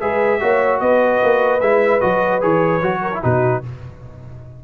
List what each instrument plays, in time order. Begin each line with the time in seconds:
0.00 tuba G#3, trombone G#4, horn B4, trumpet E5
0.40 tuba A#3, trombone F#4, horn C#5
0.80 tuba B3, horn B4, trumpet D#5
1.23 tuba A#3
1.61 tuba G#3, trombone E4, trumpet E5
2.00 tuba F#3, trombone F#4, trumpet D#5
2.41 tuba E3, trombone G#4, trumpet C#5
2.82 tuba F#3, trombone F#4
3.02 horn A#4
3.14 trombone E4
3.22 tuba B2, trombone D#4, horn F#4, trumpet B4